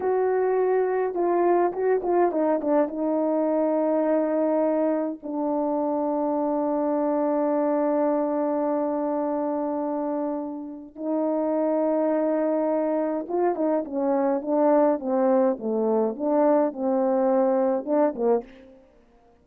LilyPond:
\new Staff \with { instrumentName = "horn" } { \time 4/4 \tempo 4 = 104 fis'2 f'4 fis'8 f'8 | dis'8 d'8 dis'2.~ | dis'4 d'2.~ | d'1~ |
d'2. dis'4~ | dis'2. f'8 dis'8 | cis'4 d'4 c'4 a4 | d'4 c'2 d'8 ais8 | }